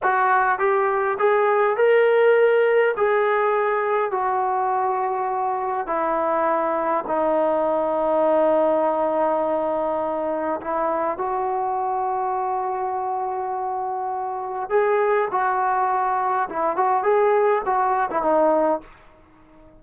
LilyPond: \new Staff \with { instrumentName = "trombone" } { \time 4/4 \tempo 4 = 102 fis'4 g'4 gis'4 ais'4~ | ais'4 gis'2 fis'4~ | fis'2 e'2 | dis'1~ |
dis'2 e'4 fis'4~ | fis'1~ | fis'4 gis'4 fis'2 | e'8 fis'8 gis'4 fis'8. e'16 dis'4 | }